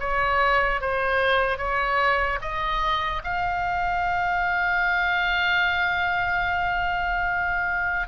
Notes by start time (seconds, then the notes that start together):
0.00 C#5
0.81 C5
1.58 C#5
2.41 D#5
3.24 F5